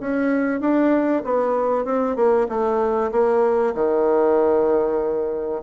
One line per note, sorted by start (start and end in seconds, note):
0.00 0.61 C#4
0.61 1.23 D4
1.25 1.85 B3
1.85 2.16 C4
2.16 2.47 A#3
2.49 3.11 A3
3.12 3.74 A#3
3.74 5.62 D#3